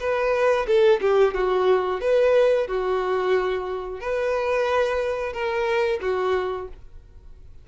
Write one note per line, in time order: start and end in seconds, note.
0.00 0.67 B4
0.67 1.01 A4
1.01 1.34 G4
1.34 2.01 F#4
2.01 2.68 B4
2.68 4.00 F#4
4.00 5.33 B4
5.33 6.00 A#4
6.02 6.68 F#4